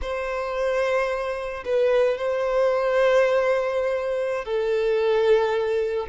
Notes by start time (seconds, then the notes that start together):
0.01 C5
1.65 B4
2.17 C5
4.44 A4